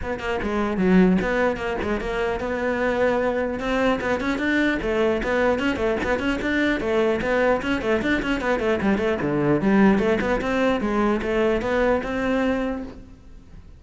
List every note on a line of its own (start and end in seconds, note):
0.02 0.19 B3
0.19 0.39 A#3
0.42 0.77 G#3
0.77 1.17 F#3
1.21 1.57 B3
1.57 1.77 A#3
1.82 2.00 G#3
2.00 2.40 A#3
2.40 3.59 B3
3.59 3.99 C4
4.00 4.20 B3
4.20 4.38 C#4
4.38 4.78 D4
4.82 5.22 A3
5.23 5.59 B3
5.59 5.76 C#4
5.76 5.96 A3
6.03 6.19 B3
6.19 6.39 C#4
6.41 6.80 D4
6.80 7.20 A3
7.21 7.61 B3
7.62 7.81 C#4
7.81 8.01 A3
8.01 8.21 D4
8.22 8.40 C#4
8.40 8.59 B3
8.59 8.79 A3
8.81 8.98 G3
8.98 9.18 A3
9.21 9.61 D3
9.61 9.98 G3
9.98 10.18 A3
10.21 10.41 B3
10.41 10.81 C4
10.81 11.21 G#3
11.21 11.61 A3
11.61 12.01 B3
12.03 12.83 C4